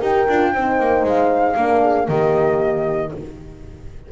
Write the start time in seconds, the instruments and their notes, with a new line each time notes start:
0.00 double bass D#4, horn G4 A#4, flute G5
0.29 double bass D4, horn F4
0.54 double bass C4, horn D#4 C5
0.80 double bass A#3
1.04 double bass G#3, flute F5
1.57 double bass A#3, horn D4 A#4
1.82 horn G#4
2.08 double bass D#3, horn A#3 G4, flute D#5